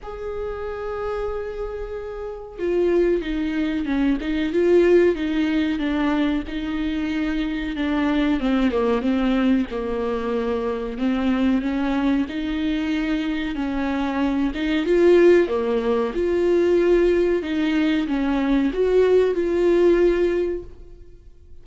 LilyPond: \new Staff \with { instrumentName = "viola" } { \time 4/4 \tempo 4 = 93 gis'1 | f'4 dis'4 cis'8 dis'8 f'4 | dis'4 d'4 dis'2 | d'4 c'8 ais8 c'4 ais4~ |
ais4 c'4 cis'4 dis'4~ | dis'4 cis'4. dis'8 f'4 | ais4 f'2 dis'4 | cis'4 fis'4 f'2 | }